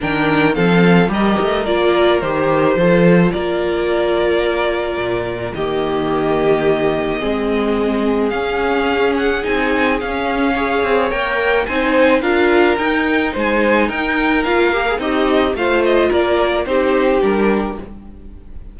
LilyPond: <<
  \new Staff \with { instrumentName = "violin" } { \time 4/4 \tempo 4 = 108 g''4 f''4 dis''4 d''4 | c''2 d''2~ | d''2 dis''2~ | dis''2. f''4~ |
f''8 fis''8 gis''4 f''2 | g''4 gis''4 f''4 g''4 | gis''4 g''4 f''4 dis''4 | f''8 dis''8 d''4 c''4 ais'4 | }
  \new Staff \with { instrumentName = "violin" } { \time 4/4 ais'4 a'4 ais'2~ | ais'4 a'4 ais'2~ | ais'2 g'2~ | g'4 gis'2.~ |
gis'2. cis''4~ | cis''4 c''4 ais'2 | c''4 ais'2 dis'4 | c''4 ais'4 g'2 | }
  \new Staff \with { instrumentName = "viola" } { \time 4/4 d'4 c'4 g'4 f'4 | g'4 f'2.~ | f'2 ais2~ | ais4 c'2 cis'4~ |
cis'4 dis'4 cis'4 gis'4 | ais'4 dis'4 f'4 dis'4~ | dis'2 f'8 g'16 gis'16 g'4 | f'2 dis'4 d'4 | }
  \new Staff \with { instrumentName = "cello" } { \time 4/4 dis4 f4 g8 a8 ais4 | dis4 f4 ais2~ | ais4 ais,4 dis2~ | dis4 gis2 cis'4~ |
cis'4 c'4 cis'4. c'8 | ais4 c'4 d'4 dis'4 | gis4 dis'4 ais4 c'4 | a4 ais4 c'4 g4 | }
>>